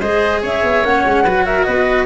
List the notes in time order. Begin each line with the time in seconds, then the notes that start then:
0.00 G#3 G#4 C5 D#5
0.41 C#4 C#5 E5
0.63 B3
0.82 A#3 C#4 F#5
1.05 G#3
1.23 F#3 F#4 B4
1.45 A#4 E5
1.64 B3 B4 D#5